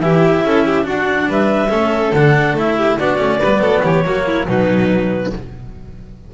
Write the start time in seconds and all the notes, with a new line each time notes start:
0.00 E3 E4 G4 E5
0.43 C#4 A4
0.66 G4
0.82 D4 F#4 F#5
1.27 G3 B4 E5
1.69 A3 C#4 A4
2.12 D3 D4 F#5
2.53 A3 E4 E5
2.76 G4
2.98 B3 D4 F#4 D5
3.17 A3 C#4
3.39 G3 B3 B4
3.59 F#3 A4
3.83 E3 G4 C#5
4.04 F#3 A#3 F#4
4.26 E4
4.47 B2 F#3 D#4 B4